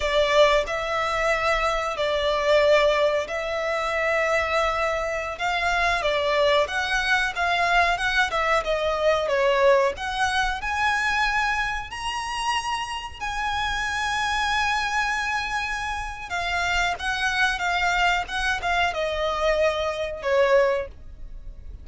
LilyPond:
\new Staff \with { instrumentName = "violin" } { \time 4/4 \tempo 4 = 92 d''4 e''2 d''4~ | d''4 e''2.~ | e''16 f''4 d''4 fis''4 f''8.~ | f''16 fis''8 e''8 dis''4 cis''4 fis''8.~ |
fis''16 gis''2 ais''4.~ ais''16~ | ais''16 gis''2.~ gis''8.~ | gis''4 f''4 fis''4 f''4 | fis''8 f''8 dis''2 cis''4 | }